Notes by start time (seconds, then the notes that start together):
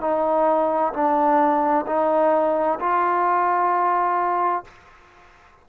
0.00 D#4
0.93 D4
1.86 D#4
2.79 F4